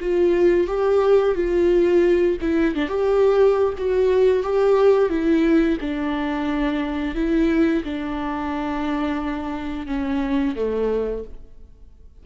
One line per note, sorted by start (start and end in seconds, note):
0.00 0.67 F4
0.67 1.35 G4
1.35 2.37 F4
2.41 2.75 E4
2.75 2.88 D4
2.88 3.73 G4
3.77 4.43 F#4
4.43 5.09 G4
5.09 5.77 E4
5.80 7.15 D4
7.15 7.83 E4
7.83 9.86 D4
9.86 10.55 C#4
10.55 11.23 A3